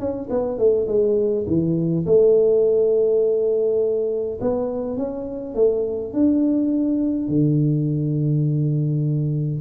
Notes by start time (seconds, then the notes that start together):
0.00 C#4
0.30 B3
0.59 A3
0.88 G#3
1.47 E3
2.07 A3
4.41 B3
4.98 C#4
5.55 A3
6.14 D4
7.29 D3